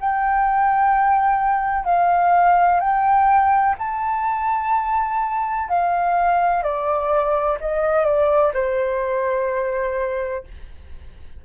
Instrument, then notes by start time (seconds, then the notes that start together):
flute
0.00 G5
1.85 F5
2.80 G5
3.79 A5
5.69 F5
6.63 D5
7.61 D#5
8.05 D5
8.54 C5